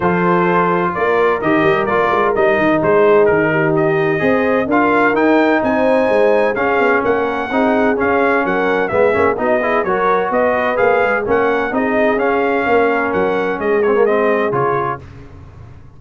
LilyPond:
<<
  \new Staff \with { instrumentName = "trumpet" } { \time 4/4 \tempo 4 = 128 c''2 d''4 dis''4 | d''4 dis''4 c''4 ais'4 | dis''2 f''4 g''4 | gis''2 f''4 fis''4~ |
fis''4 f''4 fis''4 e''4 | dis''4 cis''4 dis''4 f''4 | fis''4 dis''4 f''2 | fis''4 dis''8 cis''8 dis''4 cis''4 | }
  \new Staff \with { instrumentName = "horn" } { \time 4/4 a'2 ais'2~ | ais'2 gis'4. g'8~ | g'4 c''4 ais'2 | c''2 gis'4 ais'4 |
gis'2 ais'4 gis'4 | fis'8 gis'8 ais'4 b'2 | ais'4 gis'2 ais'4~ | ais'4 gis'2. | }
  \new Staff \with { instrumentName = "trombone" } { \time 4/4 f'2. g'4 | f'4 dis'2.~ | dis'4 gis'4 f'4 dis'4~ | dis'2 cis'2 |
dis'4 cis'2 b8 cis'8 | dis'8 e'8 fis'2 gis'4 | cis'4 dis'4 cis'2~ | cis'4. c'16 ais16 c'4 f'4 | }
  \new Staff \with { instrumentName = "tuba" } { \time 4/4 f2 ais4 dis8 g8 | ais8 gis8 g8 dis8 gis4 dis4~ | dis4 c'4 d'4 dis'4 | c'4 gis4 cis'8 b8 ais4 |
c'4 cis'4 fis4 gis8 ais8 | b4 fis4 b4 ais8 gis8 | ais4 c'4 cis'4 ais4 | fis4 gis2 cis4 | }
>>